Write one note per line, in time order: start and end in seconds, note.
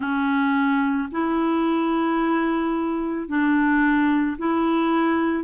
0.00 1.09 C#4
1.12 3.27 E4
3.27 4.36 D4
4.37 5.43 E4